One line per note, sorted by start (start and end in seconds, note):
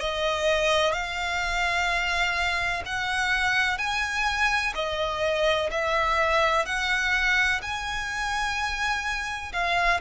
0.00 0.92 D#5
0.92 2.83 F5
2.86 3.78 F#5
3.78 4.73 G#5
4.75 5.70 D#5
5.71 6.66 E5
6.66 7.61 F#5
7.62 9.52 G#5
9.53 10.00 F5